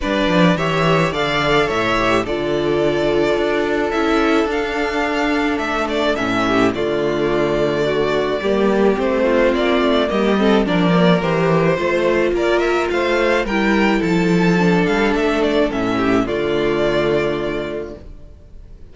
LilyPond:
<<
  \new Staff \with { instrumentName = "violin" } { \time 4/4 \tempo 4 = 107 d''4 e''4 f''4 e''4 | d''2. e''4 | f''2 e''8 d''8 e''4 | d''1 |
c''4 d''4 dis''4 d''4 | c''2 d''8 e''8 f''4 | g''4 a''4. f''8 e''8 d''8 | e''4 d''2. | }
  \new Staff \with { instrumentName = "violin" } { \time 4/4 b'4 cis''4 d''4 cis''4 | a'1~ | a'2.~ a'8 g'8 | f'2 fis'4 g'4~ |
g'8 f'4. g'8 a'8 ais'4~ | ais'4 c''4 ais'4 c''4 | ais'4 a'2.~ | a'8 g'8 f'2. | }
  \new Staff \with { instrumentName = "viola" } { \time 4/4 d'4 g'4 a'4. g'8 | f'2. e'4 | d'2. cis'4 | a2. ais4 |
c'2 ais8 c'8 d'8 ais8 | g'4 f'2. | e'2 d'2 | cis'4 a2. | }
  \new Staff \with { instrumentName = "cello" } { \time 4/4 g8 f8 e4 d4 a,4 | d2 d'4 cis'4 | d'2 a4 a,4 | d2. g4 |
a4 ais8 a8 g4 f4 | e4 a4 ais4 a4 | g4 f4. g8 a4 | a,4 d2. | }
>>